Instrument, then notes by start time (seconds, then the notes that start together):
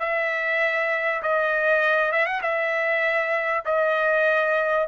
trumpet
0.00 E5
1.23 D#5
2.12 E5
2.26 F#5
2.42 E5
3.65 D#5